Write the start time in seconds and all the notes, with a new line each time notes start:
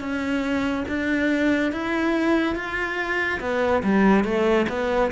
0.00 C#4
0.88 D4
1.72 E4
2.55 F4
3.40 B3
3.83 G3
4.24 A3
4.69 B3